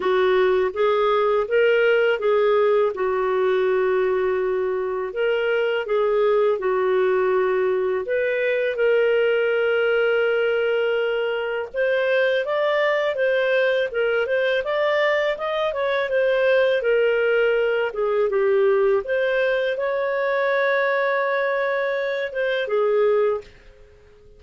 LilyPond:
\new Staff \with { instrumentName = "clarinet" } { \time 4/4 \tempo 4 = 82 fis'4 gis'4 ais'4 gis'4 | fis'2. ais'4 | gis'4 fis'2 b'4 | ais'1 |
c''4 d''4 c''4 ais'8 c''8 | d''4 dis''8 cis''8 c''4 ais'4~ | ais'8 gis'8 g'4 c''4 cis''4~ | cis''2~ cis''8 c''8 gis'4 | }